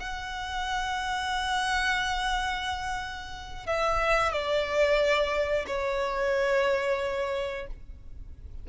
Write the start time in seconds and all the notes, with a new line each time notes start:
0.00 F#5
3.67 E5
4.33 D5
5.67 C#5